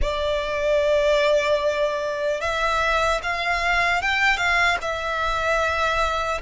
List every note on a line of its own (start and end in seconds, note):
0.01 2.40 D5
2.40 3.20 E5
3.22 4.01 F5
4.01 4.37 G5
4.37 4.77 F5
4.81 6.41 E5